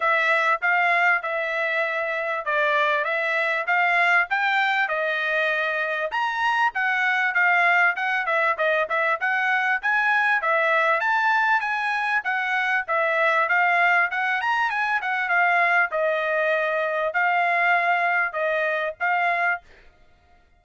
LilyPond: \new Staff \with { instrumentName = "trumpet" } { \time 4/4 \tempo 4 = 98 e''4 f''4 e''2 | d''4 e''4 f''4 g''4 | dis''2 ais''4 fis''4 | f''4 fis''8 e''8 dis''8 e''8 fis''4 |
gis''4 e''4 a''4 gis''4 | fis''4 e''4 f''4 fis''8 ais''8 | gis''8 fis''8 f''4 dis''2 | f''2 dis''4 f''4 | }